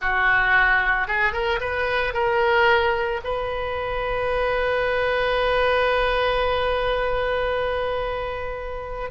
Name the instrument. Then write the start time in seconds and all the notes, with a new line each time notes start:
oboe
0.01 F#4
1.07 G#4
1.32 A#4
1.60 B4
2.13 A#4
3.24 B4